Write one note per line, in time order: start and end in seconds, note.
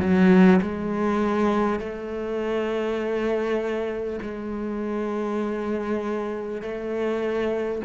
0.00 0.60 F#3
0.62 1.79 G#3
1.79 4.19 A3
4.21 6.61 G#3
6.61 7.81 A3